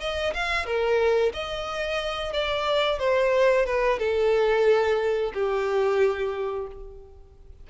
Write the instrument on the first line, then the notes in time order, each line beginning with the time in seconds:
violin
0.00 D#5
0.34 F5
0.66 A#4
1.33 D#5
2.33 D5
2.99 C5
3.66 B4
3.99 A4
5.34 G4